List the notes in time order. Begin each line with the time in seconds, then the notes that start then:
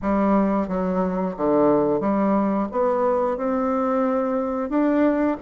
0.02 G3
0.68 F#3
1.36 D3
2.00 G3
2.71 B3
3.37 C4
4.69 D4